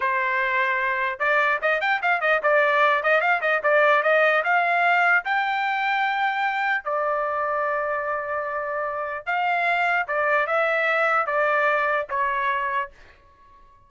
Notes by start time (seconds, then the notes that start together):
0.00 C5
1.19 D5
1.61 D#5
1.80 G5
2.02 F5
2.21 D#5
2.43 D5
3.03 D#5
3.20 F5
3.41 D#5
3.63 D5
4.02 D#5
4.43 F5
5.24 G5
6.84 D5
9.25 F5
10.07 D5
10.46 E5
11.26 D5
12.09 C#5